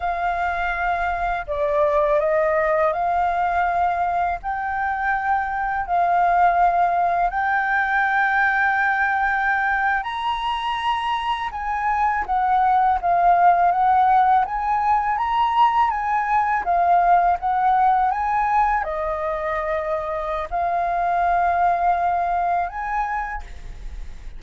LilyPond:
\new Staff \with { instrumentName = "flute" } { \time 4/4 \tempo 4 = 82 f''2 d''4 dis''4 | f''2 g''2 | f''2 g''2~ | g''4.~ g''16 ais''2 gis''16~ |
gis''8. fis''4 f''4 fis''4 gis''16~ | gis''8. ais''4 gis''4 f''4 fis''16~ | fis''8. gis''4 dis''2~ dis''16 | f''2. gis''4 | }